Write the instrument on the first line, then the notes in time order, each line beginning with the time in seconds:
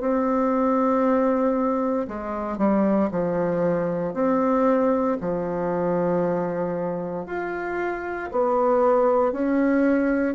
bassoon
0.00 C4
2.07 G#3
2.58 G3
3.11 F3
4.14 C4
5.20 F3
7.26 F4
8.31 B3
9.32 C#4